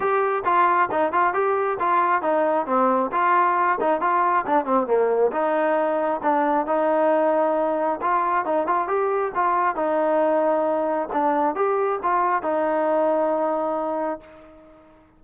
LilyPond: \new Staff \with { instrumentName = "trombone" } { \time 4/4 \tempo 4 = 135 g'4 f'4 dis'8 f'8 g'4 | f'4 dis'4 c'4 f'4~ | f'8 dis'8 f'4 d'8 c'8 ais4 | dis'2 d'4 dis'4~ |
dis'2 f'4 dis'8 f'8 | g'4 f'4 dis'2~ | dis'4 d'4 g'4 f'4 | dis'1 | }